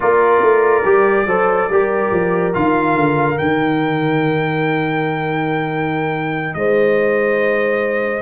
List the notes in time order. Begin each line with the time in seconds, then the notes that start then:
0.00 A#3 F4 A#4 D5
0.41 A3
0.84 G3 G4
1.26 F#3 A4 C5
1.69 G3 G4 A#4
2.12 F3
2.53 D#3 F4 F5
2.95 D3
3.36 D#3 D#4 G5
6.54 G#3 C5 D#5